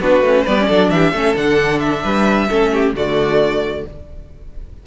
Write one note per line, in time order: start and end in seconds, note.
0.00 0.21 B3
0.00 0.24 D4
0.00 0.44 F#4
0.00 0.47 B4
0.21 0.43 A3
0.21 0.48 C#4
0.44 0.70 G3
0.44 0.59 B3
0.44 0.66 B4
0.44 0.90 D5
0.59 0.69 C#4
0.67 0.90 F#3
0.67 1.14 D4
0.67 0.90 A4
0.90 1.12 E3
0.90 1.12 G4
0.90 1.35 E5
1.12 1.34 A3
1.12 1.36 C#4
1.12 2.02 A4
1.36 2.04 D3
1.36 2.49 D4
1.36 1.79 F#5
1.79 2.92 E5
2.03 2.49 G3
2.03 2.48 B4
2.49 2.94 A3
2.49 2.95 C#4
2.49 2.72 A4
2.73 2.95 G4
2.94 3.84 D3
2.94 3.86 A3
2.94 3.86 F#4
2.94 3.87 D5